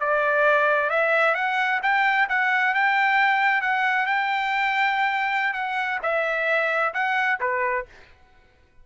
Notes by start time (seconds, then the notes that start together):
0.00 D5
0.90 E5
1.35 F#5
1.83 G5
2.29 F#5
2.74 G5
3.61 F#5
4.06 G5
5.54 F#5
6.02 E5
6.94 F#5
7.40 B4